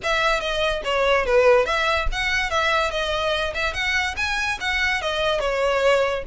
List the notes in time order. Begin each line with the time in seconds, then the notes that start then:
0.03 E5
0.40 D#5
0.84 C#5
1.25 B4
1.65 E5
2.12 F#5
2.50 E5
2.91 D#5
3.54 E5
3.73 F#5
4.16 G#5
4.60 F#5
5.01 D#5
5.39 C#5